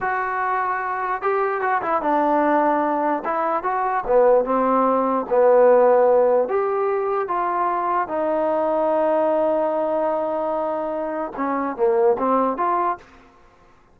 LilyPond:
\new Staff \with { instrumentName = "trombone" } { \time 4/4 \tempo 4 = 148 fis'2. g'4 | fis'8 e'8 d'2. | e'4 fis'4 b4 c'4~ | c'4 b2. |
g'2 f'2 | dis'1~ | dis'1 | cis'4 ais4 c'4 f'4 | }